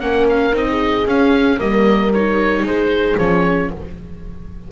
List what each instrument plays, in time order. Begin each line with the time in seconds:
0.00 double bass A#3, viola C#4, horn A#4, oboe F#5
0.29 oboe F5
0.52 double bass C4, viola D#4, oboe D#5
0.70 horn G#4
1.06 double bass C#4, viola C#4, oboe F5
1.58 double bass G3, viola A#3, horn A#4, oboe D#5
2.14 viola D#4, oboe C#5
2.63 double bass G#3, horn G#4, oboe C5
3.18 double bass F3, viola C#4, oboe C#5